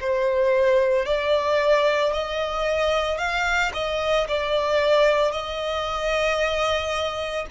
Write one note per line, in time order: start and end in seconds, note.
0.00 1.05 C5
1.05 2.12 D5
2.12 3.18 D#5
3.18 3.71 F5
3.74 4.27 D#5
4.28 5.31 D5
5.31 7.46 D#5